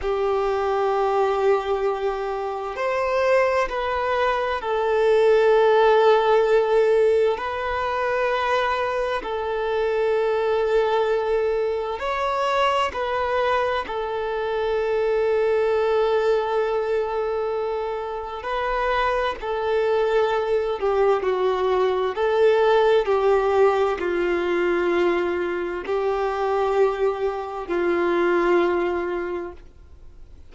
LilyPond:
\new Staff \with { instrumentName = "violin" } { \time 4/4 \tempo 4 = 65 g'2. c''4 | b'4 a'2. | b'2 a'2~ | a'4 cis''4 b'4 a'4~ |
a'1 | b'4 a'4. g'8 fis'4 | a'4 g'4 f'2 | g'2 f'2 | }